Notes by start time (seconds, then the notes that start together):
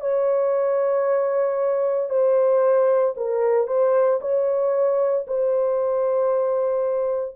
0.00 C#5
2.09 C5
3.17 A#4
3.67 C5
4.21 C#5
5.27 C5